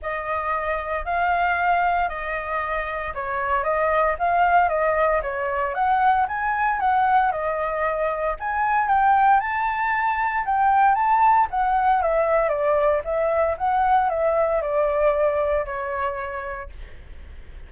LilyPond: \new Staff \with { instrumentName = "flute" } { \time 4/4 \tempo 4 = 115 dis''2 f''2 | dis''2 cis''4 dis''4 | f''4 dis''4 cis''4 fis''4 | gis''4 fis''4 dis''2 |
gis''4 g''4 a''2 | g''4 a''4 fis''4 e''4 | d''4 e''4 fis''4 e''4 | d''2 cis''2 | }